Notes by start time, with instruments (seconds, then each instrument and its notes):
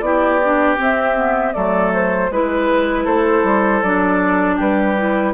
0.00 bassoon B3, clarinet E4, oboe G4, flute D5
0.44 clarinet D4
0.77 clarinet C4, bassoon C4, flute E5
1.15 clarinet B3
1.53 bassoon F#3, clarinet A3, oboe A4, flute D5
1.94 flute C5
2.30 bassoon G#3, clarinet E4, flute B4, oboe B4
3.05 bassoon A3, oboe A4, flute C5
3.44 bassoon G3
3.83 bassoon F#3, clarinet D4, flute D5
4.57 bassoon G3, oboe G4, flute B4
4.97 clarinet E4